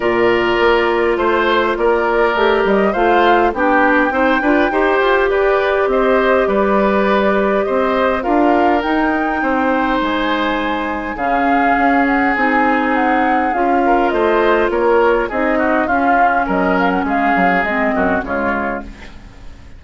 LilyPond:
<<
  \new Staff \with { instrumentName = "flute" } { \time 4/4 \tempo 4 = 102 d''2 c''4 d''4~ | d''8 dis''8 f''4 g''2~ | g''4 d''4 dis''4 d''4~ | d''4 dis''4 f''4 g''4~ |
g''4 gis''2 f''4~ | f''8 fis''8 gis''4 fis''4 f''4 | dis''4 cis''4 dis''4 f''4 | dis''8 f''16 fis''16 f''4 dis''4 cis''4 | }
  \new Staff \with { instrumentName = "oboe" } { \time 4/4 ais'2 c''4 ais'4~ | ais'4 c''4 g'4 c''8 b'8 | c''4 b'4 c''4 b'4~ | b'4 c''4 ais'2 |
c''2. gis'4~ | gis'2.~ gis'8 ais'8 | c''4 ais'4 gis'8 fis'8 f'4 | ais'4 gis'4. fis'8 f'4 | }
  \new Staff \with { instrumentName = "clarinet" } { \time 4/4 f'1 | g'4 f'4 d'4 dis'8 f'8 | g'1~ | g'2 f'4 dis'4~ |
dis'2. cis'4~ | cis'4 dis'2 f'4~ | f'2 dis'4 cis'4~ | cis'2 c'4 gis4 | }
  \new Staff \with { instrumentName = "bassoon" } { \time 4/4 ais,4 ais4 a4 ais4 | a8 g8 a4 b4 c'8 d'8 | dis'8 f'8 g'4 c'4 g4~ | g4 c'4 d'4 dis'4 |
c'4 gis2 cis4 | cis'4 c'2 cis'4 | a4 ais4 c'4 cis'4 | fis4 gis8 fis8 gis8 fis,8 cis4 | }
>>